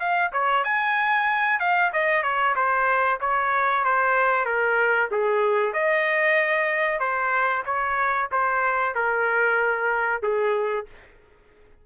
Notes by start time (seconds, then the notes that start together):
0.00 F5
0.33 C#5
0.64 G#5
1.60 F5
1.93 D#5
2.23 C#5
2.56 C5
3.21 C#5
3.85 C5
4.46 A#4
5.12 G#4
5.74 D#5
7.00 C5
7.66 C#5
8.32 C5
8.95 A#4
10.23 G#4